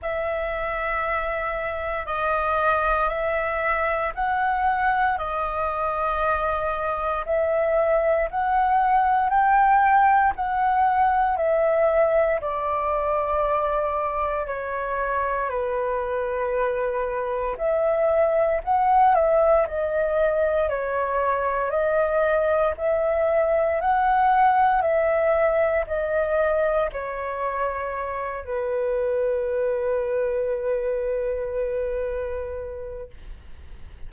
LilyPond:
\new Staff \with { instrumentName = "flute" } { \time 4/4 \tempo 4 = 58 e''2 dis''4 e''4 | fis''4 dis''2 e''4 | fis''4 g''4 fis''4 e''4 | d''2 cis''4 b'4~ |
b'4 e''4 fis''8 e''8 dis''4 | cis''4 dis''4 e''4 fis''4 | e''4 dis''4 cis''4. b'8~ | b'1 | }